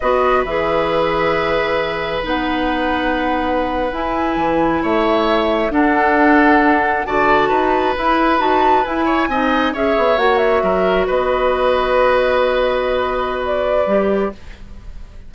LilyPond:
<<
  \new Staff \with { instrumentName = "flute" } { \time 4/4 \tempo 4 = 134 dis''4 e''2.~ | e''4 fis''2.~ | fis''8. gis''2 e''4~ e''16~ | e''8. fis''2. a''16~ |
a''4.~ a''16 b''4 a''4 gis''16~ | gis''4.~ gis''16 e''4 fis''8 e''8.~ | e''8. dis''2.~ dis''16~ | dis''2 d''2 | }
  \new Staff \with { instrumentName = "oboe" } { \time 4/4 b'1~ | b'1~ | b'2~ b'8. cis''4~ cis''16~ | cis''8. a'2. d''16~ |
d''8. b'2.~ b'16~ | b'16 cis''8 dis''4 cis''2 ais'16~ | ais'8. b'2.~ b'16~ | b'1 | }
  \new Staff \with { instrumentName = "clarinet" } { \time 4/4 fis'4 gis'2.~ | gis'4 dis'2.~ | dis'8. e'2.~ e'16~ | e'8. d'2. fis'16~ |
fis'4.~ fis'16 e'4 fis'4 e'16~ | e'8. dis'4 gis'4 fis'4~ fis'16~ | fis'1~ | fis'2. g'4 | }
  \new Staff \with { instrumentName = "bassoon" } { \time 4/4 b4 e2.~ | e4 b2.~ | b8. e'4 e4 a4~ a16~ | a8. d'2. d16~ |
d8. dis'4 e'4 dis'4 e'16~ | e'8. c'4 cis'8 b8 ais4 fis16~ | fis8. b2.~ b16~ | b2. g4 | }
>>